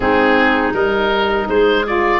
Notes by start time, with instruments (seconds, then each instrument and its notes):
0.00 tuba G#3, saxophone C4, clarinet D#4, oboe G#4
0.72 tuba G3, saxophone D#4, oboe A#4
1.48 tuba G#3, clarinet G#4, oboe C5
1.85 saxophone F4, oboe D5